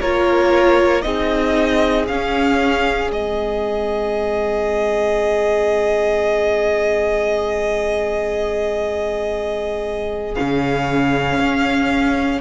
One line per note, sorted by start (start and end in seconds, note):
0.00 1.04 A#3
0.00 1.02 F4
0.00 1.03 A#4
0.00 1.02 C#5
1.02 2.08 C4
1.02 2.06 D#4
1.02 12.40 G#4
1.02 2.05 D#5
2.07 3.10 C#4
2.07 3.11 C#4
2.07 3.10 F5
3.10 10.34 G#3
3.10 10.35 C4
3.10 10.34 D#5
10.34 11.39 C#3
10.34 12.40 C#4
10.34 12.40 F5
11.39 12.40 C#4